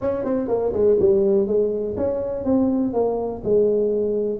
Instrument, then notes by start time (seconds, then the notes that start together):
tuba
0.01 C#4
0.24 C4
0.48 A#3
0.72 G#3
0.99 G3
1.47 G#3
1.96 C#4
2.44 C4
2.93 A#3
3.44 G#3